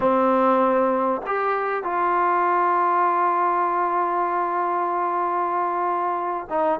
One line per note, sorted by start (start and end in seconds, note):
0.00 1.21 C4
1.26 1.83 G4
1.83 6.47 F4
6.49 6.80 D#4